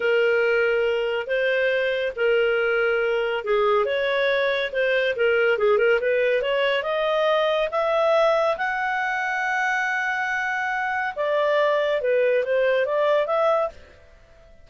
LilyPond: \new Staff \with { instrumentName = "clarinet" } { \time 4/4 \tempo 4 = 140 ais'2. c''4~ | c''4 ais'2. | gis'4 cis''2 c''4 | ais'4 gis'8 ais'8 b'4 cis''4 |
dis''2 e''2 | fis''1~ | fis''2 d''2 | b'4 c''4 d''4 e''4 | }